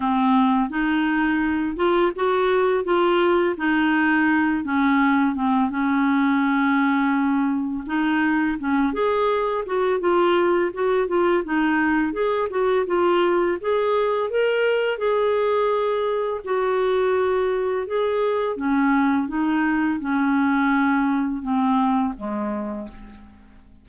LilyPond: \new Staff \with { instrumentName = "clarinet" } { \time 4/4 \tempo 4 = 84 c'4 dis'4. f'8 fis'4 | f'4 dis'4. cis'4 c'8 | cis'2. dis'4 | cis'8 gis'4 fis'8 f'4 fis'8 f'8 |
dis'4 gis'8 fis'8 f'4 gis'4 | ais'4 gis'2 fis'4~ | fis'4 gis'4 cis'4 dis'4 | cis'2 c'4 gis4 | }